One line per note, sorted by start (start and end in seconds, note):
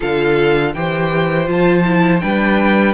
0.00 0.75 D3
0.00 0.73 F4
0.00 0.73 A4
0.00 0.74 F5
0.74 1.48 E3
0.74 1.45 G4
0.74 2.23 C5
0.74 1.48 G5
1.45 2.22 F3
1.45 1.82 F4
1.51 2.19 A5
1.85 2.20 E4
2.19 2.93 G3
2.19 2.93 D4
2.19 2.93 B4
2.19 2.93 G5